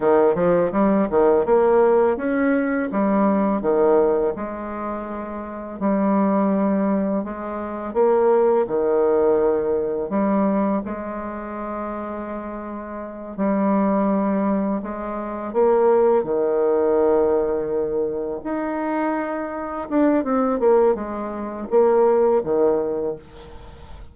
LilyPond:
\new Staff \with { instrumentName = "bassoon" } { \time 4/4 \tempo 4 = 83 dis8 f8 g8 dis8 ais4 cis'4 | g4 dis4 gis2 | g2 gis4 ais4 | dis2 g4 gis4~ |
gis2~ gis8 g4.~ | g8 gis4 ais4 dis4.~ | dis4. dis'2 d'8 | c'8 ais8 gis4 ais4 dis4 | }